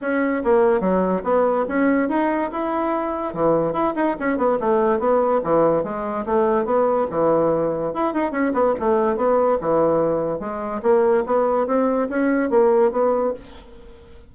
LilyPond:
\new Staff \with { instrumentName = "bassoon" } { \time 4/4 \tempo 4 = 144 cis'4 ais4 fis4 b4 | cis'4 dis'4 e'2 | e4 e'8 dis'8 cis'8 b8 a4 | b4 e4 gis4 a4 |
b4 e2 e'8 dis'8 | cis'8 b8 a4 b4 e4~ | e4 gis4 ais4 b4 | c'4 cis'4 ais4 b4 | }